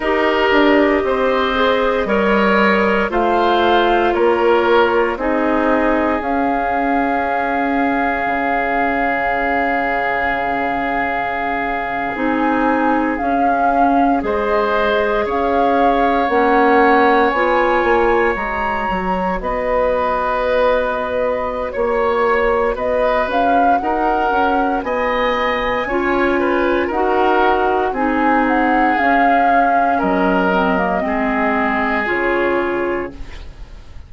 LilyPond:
<<
  \new Staff \with { instrumentName = "flute" } { \time 4/4 \tempo 4 = 58 dis''2. f''4 | cis''4 dis''4 f''2~ | f''2.~ f''8. gis''16~ | gis''8. f''4 dis''4 f''4 fis''16~ |
fis''8. gis''4 ais''4 dis''4~ dis''16~ | dis''4 cis''4 dis''8 f''8 fis''4 | gis''2 fis''4 gis''8 fis''8 | f''4 dis''2 cis''4 | }
  \new Staff \with { instrumentName = "oboe" } { \time 4/4 ais'4 c''4 cis''4 c''4 | ais'4 gis'2.~ | gis'1~ | gis'4.~ gis'16 c''4 cis''4~ cis''16~ |
cis''2~ cis''8. b'4~ b'16~ | b'4 cis''4 b'4 ais'4 | dis''4 cis''8 b'8 ais'4 gis'4~ | gis'4 ais'4 gis'2 | }
  \new Staff \with { instrumentName = "clarinet" } { \time 4/4 g'4. gis'8 ais'4 f'4~ | f'4 dis'4 cis'2~ | cis'2.~ cis'8. dis'16~ | dis'8. cis'4 gis'2 cis'16~ |
cis'8. f'4 fis'2~ fis'16~ | fis'1~ | fis'4 f'4 fis'4 dis'4 | cis'4. c'16 ais16 c'4 f'4 | }
  \new Staff \with { instrumentName = "bassoon" } { \time 4/4 dis'8 d'8 c'4 g4 a4 | ais4 c'4 cis'2 | cis2.~ cis8. c'16~ | c'8. cis'4 gis4 cis'4 ais16~ |
ais8. b8 ais8 gis8 fis8 b4~ b16~ | b4 ais4 b8 cis'8 dis'8 cis'8 | b4 cis'4 dis'4 c'4 | cis'4 fis4 gis4 cis4 | }
>>